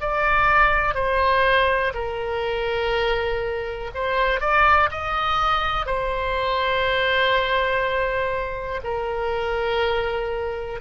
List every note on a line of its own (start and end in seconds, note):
0.00 0.94 D5
0.94 1.92 C5
1.94 3.90 A#4
3.94 4.40 C5
4.40 4.89 D5
4.90 5.85 D#5
5.85 8.80 C5
8.83 10.80 A#4